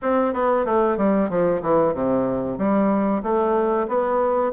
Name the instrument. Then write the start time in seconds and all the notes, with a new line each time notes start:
bassoon
0.01 C4
0.33 B3
0.65 A3
0.97 G3
1.29 F3
1.62 E3
1.94 C3
2.57 G3
3.22 A3
3.87 B3